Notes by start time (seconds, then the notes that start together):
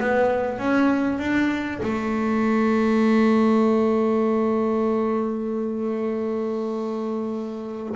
0.00 B3
0.59 C#4
1.19 D4
1.83 A3